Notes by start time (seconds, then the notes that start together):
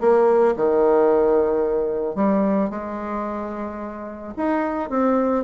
0.00 A#3
0.56 D#3
2.15 G3
2.70 G#3
4.37 D#4
4.89 C4